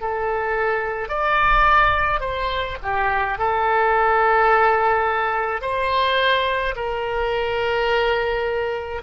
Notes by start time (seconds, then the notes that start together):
0.00 A4
1.08 D5
2.20 C5
2.82 G4
3.38 A4
5.61 C5
6.75 A#4